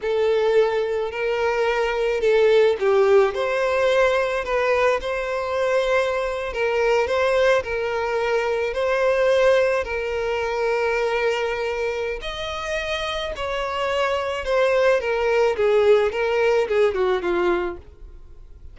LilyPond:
\new Staff \with { instrumentName = "violin" } { \time 4/4 \tempo 4 = 108 a'2 ais'2 | a'4 g'4 c''2 | b'4 c''2~ c''8. ais'16~ | ais'8. c''4 ais'2 c''16~ |
c''4.~ c''16 ais'2~ ais'16~ | ais'2 dis''2 | cis''2 c''4 ais'4 | gis'4 ais'4 gis'8 fis'8 f'4 | }